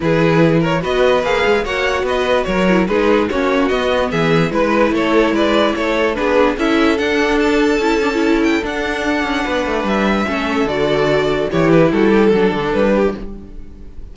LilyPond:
<<
  \new Staff \with { instrumentName = "violin" } { \time 4/4 \tempo 4 = 146 b'4. cis''8 dis''4 f''4 | fis''4 dis''4 cis''4 b'4 | cis''4 dis''4 e''4 b'4 | cis''4 d''4 cis''4 b'4 |
e''4 fis''4 a''2~ | a''8 g''8 fis''2. | e''2 d''2 | cis''8 b'8 a'2 b'4 | }
  \new Staff \with { instrumentName = "violin" } { \time 4/4 gis'4. ais'8 b'2 | cis''4 b'4 ais'4 gis'4 | fis'2 gis'4 b'4 | a'4 b'4 a'4 gis'4 |
a'1~ | a'2. b'4~ | b'4 a'2. | g'4 fis'8 g'8 a'4. g'8 | }
  \new Staff \with { instrumentName = "viola" } { \time 4/4 e'2 fis'4 gis'4 | fis'2~ fis'8 e'8 dis'4 | cis'4 b2 e'4~ | e'2. d'4 |
e'4 d'2 e'8 d'16 e'16~ | e'4 d'2.~ | d'4 cis'4 fis'2 | e'2 d'2 | }
  \new Staff \with { instrumentName = "cello" } { \time 4/4 e2 b4 ais8 gis8 | ais4 b4 fis4 gis4 | ais4 b4 e4 gis4 | a4 gis4 a4 b4 |
cis'4 d'2 cis'4~ | cis'4 d'4. cis'8 b8 a8 | g4 a4 d2 | e4 g4 fis8 d8 g4 | }
>>